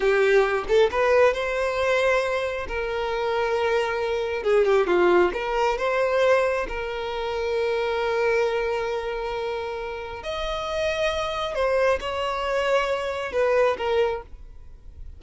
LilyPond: \new Staff \with { instrumentName = "violin" } { \time 4/4 \tempo 4 = 135 g'4. a'8 b'4 c''4~ | c''2 ais'2~ | ais'2 gis'8 g'8 f'4 | ais'4 c''2 ais'4~ |
ais'1~ | ais'2. dis''4~ | dis''2 c''4 cis''4~ | cis''2 b'4 ais'4 | }